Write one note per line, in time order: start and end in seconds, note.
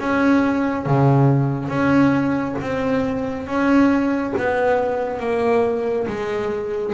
0.00 0.87 C#4
0.87 1.69 C#3
1.69 2.56 C#4
2.62 3.47 C4
3.47 4.34 C#4
4.38 5.20 B3
5.20 6.07 A#3
6.08 6.94 G#3